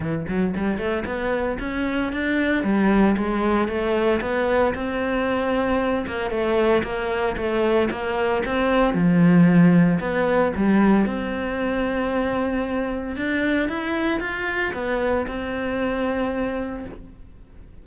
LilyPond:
\new Staff \with { instrumentName = "cello" } { \time 4/4 \tempo 4 = 114 e8 fis8 g8 a8 b4 cis'4 | d'4 g4 gis4 a4 | b4 c'2~ c'8 ais8 | a4 ais4 a4 ais4 |
c'4 f2 b4 | g4 c'2.~ | c'4 d'4 e'4 f'4 | b4 c'2. | }